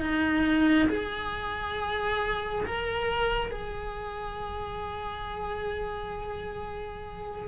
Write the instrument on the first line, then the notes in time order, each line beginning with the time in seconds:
cello
0.00 D#4
0.89 G#4
2.66 A#4
3.51 G#4